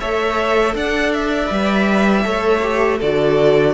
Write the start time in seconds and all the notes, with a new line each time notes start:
0.00 A3 A4 C#5 E5
0.75 D4 D5 F#5
1.13 E5
1.47 G3 B4
2.24 A3 A4 C#5
2.62 G4
2.99 D3 F#4 A4 D5